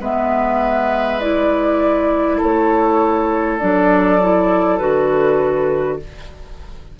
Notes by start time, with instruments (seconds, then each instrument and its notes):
0.00 bassoon G#3, clarinet B3, oboe B4, flute E5
1.21 clarinet E4, flute D5
2.38 bassoon A3, oboe A4, flute C#5
3.59 bassoon F#3, clarinet D4, flute D5
4.21 clarinet E4
4.79 bassoon D3, clarinet F#4, flute B4